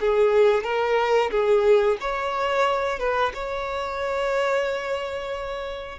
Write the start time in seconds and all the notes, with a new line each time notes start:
0.00 G#4
0.64 A#4
1.31 G#4
2.00 C#5
2.99 B4
3.34 C#5